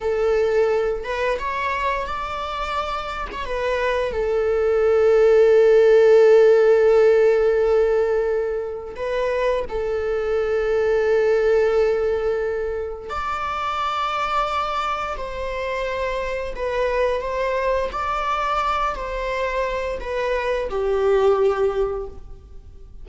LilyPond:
\new Staff \with { instrumentName = "viola" } { \time 4/4 \tempo 4 = 87 a'4. b'8 cis''4 d''4~ | d''8. cis''16 b'4 a'2~ | a'1~ | a'4 b'4 a'2~ |
a'2. d''4~ | d''2 c''2 | b'4 c''4 d''4. c''8~ | c''4 b'4 g'2 | }